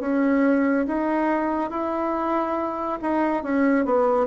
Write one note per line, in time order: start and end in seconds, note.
0.00 0.86 C#4
0.87 1.70 D#4
1.70 2.99 E4
3.01 3.43 D#4
3.43 3.85 C#4
3.85 4.26 B3